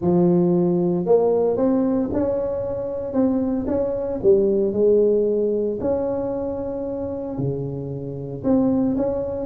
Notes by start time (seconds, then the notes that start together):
0.01 F3
1.05 A#3
1.56 C4
2.12 C#4
3.13 C4
3.67 C#4
4.22 G3
4.72 G#3
5.80 C#4
7.38 C#3
8.43 C4
8.96 C#4